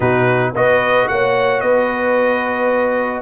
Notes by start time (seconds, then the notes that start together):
0.00 B2 D#4 F#4 B4
0.54 B3 F#4 B4 D#5
1.08 A#3 C#5 F#5
1.60 B3 B4 D#5